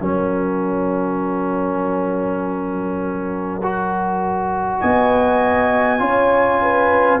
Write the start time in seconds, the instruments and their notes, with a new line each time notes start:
0.00 tuba F#3, trombone C#4, horn A#4, trumpet F#5
3.62 trombone F#4
4.80 tuba B3, horn D#5, trumpet G#5
5.99 tuba C#4, trombone F4, horn C#5
6.62 horn B4